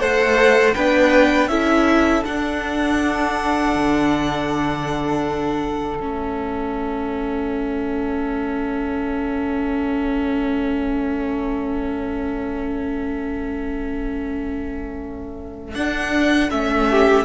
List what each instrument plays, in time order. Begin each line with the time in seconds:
0.00 cello A3, viola A4, violin C5 F#5
0.74 cello B3, viola D4, violin B4 G5
1.48 cello C#4, viola E4, violin A4 E5
2.25 viola D4, cello D4, violin F#5
3.75 cello D3
6.00 cello A3, viola C#4, violin E5
15.75 cello D4, viola D4, violin F#5
16.50 cello A3, viola C#4, violin E5
16.91 violin G4